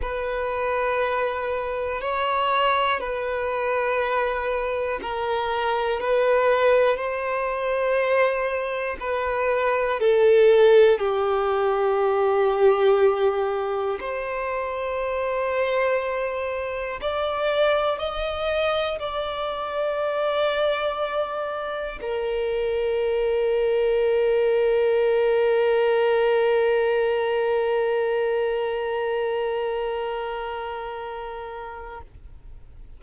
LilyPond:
\new Staff \with { instrumentName = "violin" } { \time 4/4 \tempo 4 = 60 b'2 cis''4 b'4~ | b'4 ais'4 b'4 c''4~ | c''4 b'4 a'4 g'4~ | g'2 c''2~ |
c''4 d''4 dis''4 d''4~ | d''2 ais'2~ | ais'1~ | ais'1 | }